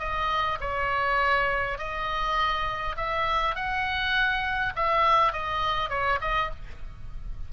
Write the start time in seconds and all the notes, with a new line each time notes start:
0.00 D#5
0.61 C#5
1.79 D#5
2.97 E5
3.56 F#5
4.76 E5
5.33 D#5
5.90 C#5
6.22 D#5